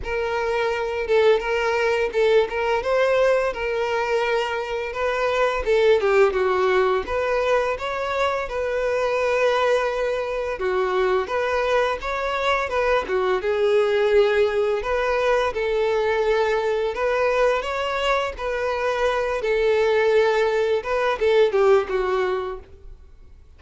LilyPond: \new Staff \with { instrumentName = "violin" } { \time 4/4 \tempo 4 = 85 ais'4. a'8 ais'4 a'8 ais'8 | c''4 ais'2 b'4 | a'8 g'8 fis'4 b'4 cis''4 | b'2. fis'4 |
b'4 cis''4 b'8 fis'8 gis'4~ | gis'4 b'4 a'2 | b'4 cis''4 b'4. a'8~ | a'4. b'8 a'8 g'8 fis'4 | }